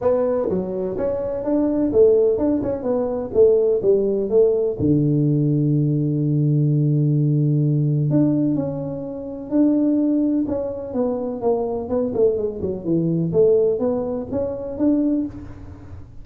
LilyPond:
\new Staff \with { instrumentName = "tuba" } { \time 4/4 \tempo 4 = 126 b4 fis4 cis'4 d'4 | a4 d'8 cis'8 b4 a4 | g4 a4 d2~ | d1~ |
d4 d'4 cis'2 | d'2 cis'4 b4 | ais4 b8 a8 gis8 fis8 e4 | a4 b4 cis'4 d'4 | }